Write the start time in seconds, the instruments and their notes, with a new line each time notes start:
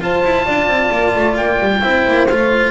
0.00 cello F4, double bass F4, horn C5, oboe A5
0.24 double bass E4
0.46 double bass D4, horn D5
0.67 double bass C4
0.92 double bass A#3
1.15 double bass A3
1.37 double bass A#3, oboe G5
1.60 double bass G3
1.82 double bass C4, cello E4, horn C5
2.08 double bass A#3
2.28 double bass A3, cello F4, oboe F5